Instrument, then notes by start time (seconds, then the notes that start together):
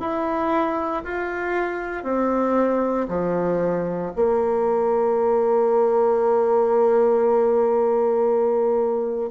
bassoon
0.00 E4
1.04 F4
2.04 C4
3.09 F3
4.16 A#3